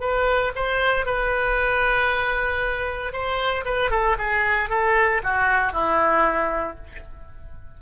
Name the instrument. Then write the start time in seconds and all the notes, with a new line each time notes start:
oboe
0.00 B4
0.55 C5
1.06 B4
3.13 C5
3.65 B4
3.91 A4
4.18 G#4
4.70 A4
5.23 F#4
5.73 E4